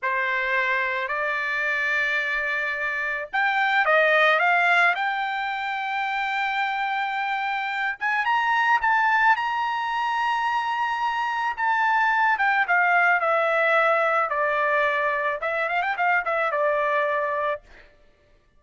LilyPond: \new Staff \with { instrumentName = "trumpet" } { \time 4/4 \tempo 4 = 109 c''2 d''2~ | d''2 g''4 dis''4 | f''4 g''2.~ | g''2~ g''8 gis''8 ais''4 |
a''4 ais''2.~ | ais''4 a''4. g''8 f''4 | e''2 d''2 | e''8 f''16 g''16 f''8 e''8 d''2 | }